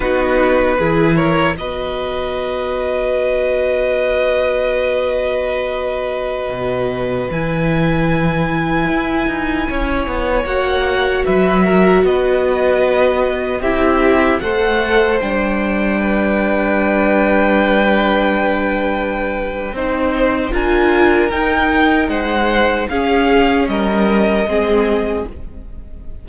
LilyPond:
<<
  \new Staff \with { instrumentName = "violin" } { \time 4/4 \tempo 4 = 76 b'4. cis''8 dis''2~ | dis''1~ | dis''4~ dis''16 gis''2~ gis''8.~ | gis''4~ gis''16 fis''4 e''4 dis''8.~ |
dis''4~ dis''16 e''4 fis''4 g''8.~ | g''1~ | g''2 gis''4 g''4 | fis''4 f''4 dis''2 | }
  \new Staff \with { instrumentName = "violin" } { \time 4/4 fis'4 gis'8 ais'8 b'2~ | b'1~ | b'1~ | b'16 cis''2 b'8 ais'8 b'8.~ |
b'4~ b'16 g'4 c''4.~ c''16~ | c''16 b'2.~ b'8.~ | b'4 c''4 ais'2 | c''4 gis'4 ais'4 gis'4 | }
  \new Staff \with { instrumentName = "viola" } { \time 4/4 dis'4 e'4 fis'2~ | fis'1~ | fis'4~ fis'16 e'2~ e'8.~ | e'4~ e'16 fis'2~ fis'8.~ |
fis'4~ fis'16 e'4 a'4 d'8.~ | d'1~ | d'4 dis'4 f'4 dis'4~ | dis'4 cis'2 c'4 | }
  \new Staff \with { instrumentName = "cello" } { \time 4/4 b4 e4 b2~ | b1~ | b16 b,4 e2 e'8 dis'16~ | dis'16 cis'8 b8 ais4 fis4 b8.~ |
b4~ b16 c'4 a4 g8.~ | g1~ | g4 c'4 d'4 dis'4 | gis4 cis'4 g4 gis4 | }
>>